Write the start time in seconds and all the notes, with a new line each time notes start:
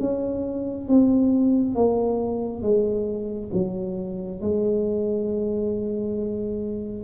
0.00 C#4
0.89 C4
1.75 A#3
2.62 G#3
3.53 F#3
4.41 G#3